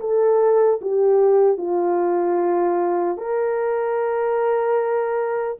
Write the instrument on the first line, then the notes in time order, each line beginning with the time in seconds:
horn
0.00 A4
0.81 G4
1.57 F4
3.17 A#4